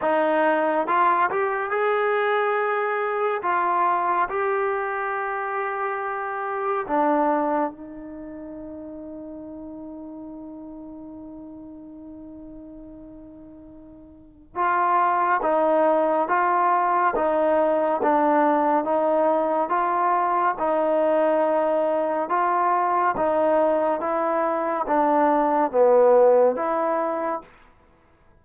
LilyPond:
\new Staff \with { instrumentName = "trombone" } { \time 4/4 \tempo 4 = 70 dis'4 f'8 g'8 gis'2 | f'4 g'2. | d'4 dis'2.~ | dis'1~ |
dis'4 f'4 dis'4 f'4 | dis'4 d'4 dis'4 f'4 | dis'2 f'4 dis'4 | e'4 d'4 b4 e'4 | }